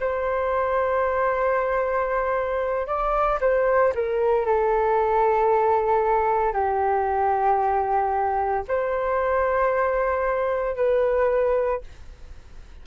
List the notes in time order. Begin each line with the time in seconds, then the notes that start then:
0.00 C5
2.87 D5
3.41 C5
3.95 A#4
4.46 A4
6.53 G4
8.68 C5
10.76 B4